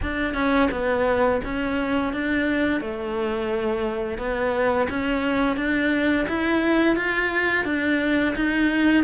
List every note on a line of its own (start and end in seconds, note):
0.02 0.34 D4
0.34 0.68 C#4
0.71 1.40 B3
1.44 2.13 C#4
2.13 2.80 D4
2.80 4.18 A3
4.18 4.87 B3
4.89 5.56 C#4
5.56 6.26 D4
6.28 6.96 E4
6.96 7.65 F4
7.65 8.34 D4
8.35 9.03 D#4